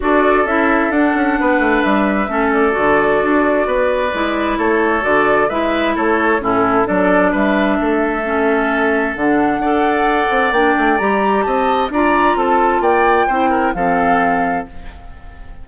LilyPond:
<<
  \new Staff \with { instrumentName = "flute" } { \time 4/4 \tempo 4 = 131 d''4 e''4 fis''2 | e''4. d''2~ d''8~ | d''2 cis''4 d''4 | e''4 cis''4 a'4 d''4 |
e''1 | fis''2. g''4 | ais''4 a''4 ais''4 a''4 | g''2 f''2 | }
  \new Staff \with { instrumentName = "oboe" } { \time 4/4 a'2. b'4~ | b'4 a'2. | b'2 a'2 | b'4 a'4 e'4 a'4 |
b'4 a'2.~ | a'4 d''2.~ | d''4 dis''4 d''4 a'4 | d''4 c''8 ais'8 a'2 | }
  \new Staff \with { instrumentName = "clarinet" } { \time 4/4 fis'4 e'4 d'2~ | d'4 cis'4 fis'2~ | fis'4 e'2 fis'4 | e'2 cis'4 d'4~ |
d'2 cis'2 | d'4 a'2 d'4 | g'2 f'2~ | f'4 e'4 c'2 | }
  \new Staff \with { instrumentName = "bassoon" } { \time 4/4 d'4 cis'4 d'8 cis'8 b8 a8 | g4 a4 d4 d'4 | b4 gis4 a4 d4 | gis4 a4 a,4 fis4 |
g4 a2. | d4 d'4. c'8 ais8 a8 | g4 c'4 d'4 c'4 | ais4 c'4 f2 | }
>>